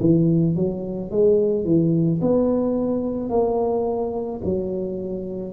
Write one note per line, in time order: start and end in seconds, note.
0.00 0.55 E3
0.55 1.10 F#3
1.10 1.64 G#3
1.64 2.20 E3
2.21 3.29 B3
3.29 4.40 A#3
4.44 5.53 F#3